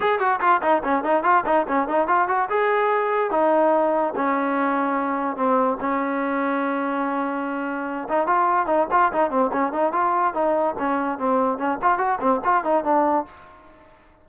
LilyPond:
\new Staff \with { instrumentName = "trombone" } { \time 4/4 \tempo 4 = 145 gis'8 fis'8 f'8 dis'8 cis'8 dis'8 f'8 dis'8 | cis'8 dis'8 f'8 fis'8 gis'2 | dis'2 cis'2~ | cis'4 c'4 cis'2~ |
cis'2.~ cis'8 dis'8 | f'4 dis'8 f'8 dis'8 c'8 cis'8 dis'8 | f'4 dis'4 cis'4 c'4 | cis'8 f'8 fis'8 c'8 f'8 dis'8 d'4 | }